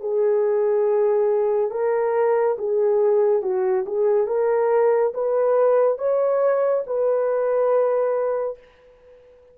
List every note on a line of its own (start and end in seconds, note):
0.00 1.70 G#4
1.70 2.56 A#4
2.58 3.42 G#4
3.42 3.85 F#4
3.86 4.27 G#4
4.27 5.13 A#4
5.14 5.98 B4
5.98 6.84 C#5
6.86 8.58 B4